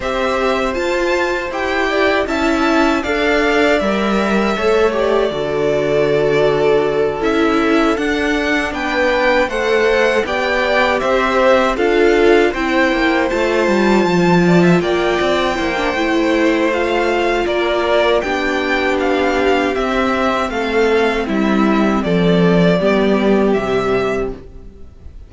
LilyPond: <<
  \new Staff \with { instrumentName = "violin" } { \time 4/4 \tempo 4 = 79 e''4 a''4 g''4 a''4 | f''4 e''4. d''4.~ | d''4. e''4 fis''4 g''8~ | g''8 fis''4 g''4 e''4 f''8~ |
f''8 g''4 a''2 g''8~ | g''2 f''4 d''4 | g''4 f''4 e''4 f''4 | e''4 d''2 e''4 | }
  \new Staff \with { instrumentName = "violin" } { \time 4/4 c''2~ c''8 d''8 e''4 | d''2 cis''4 a'4~ | a'2.~ a'8 b'8~ | b'8 c''4 d''4 c''4 a'8~ |
a'8 c''2~ c''8 d''16 e''16 d''8~ | d''8 c''2~ c''8 ais'4 | g'2. a'4 | e'4 a'4 g'2 | }
  \new Staff \with { instrumentName = "viola" } { \time 4/4 g'4 f'4 g'4 e'4 | a'4 ais'4 a'8 g'8 fis'4~ | fis'4. e'4 d'4.~ | d'8 a'4 g'2 f'8~ |
f'8 e'4 f'2~ f'8~ | f'8 e'16 d'16 e'4 f'2 | d'2 c'2~ | c'2 b4 g4 | }
  \new Staff \with { instrumentName = "cello" } { \time 4/4 c'4 f'4 e'4 cis'4 | d'4 g4 a4 d4~ | d4. cis'4 d'4 b8~ | b8 a4 b4 c'4 d'8~ |
d'8 c'8 ais8 a8 g8 f4 ais8 | c'8 ais8 a2 ais4 | b2 c'4 a4 | g4 f4 g4 c4 | }
>>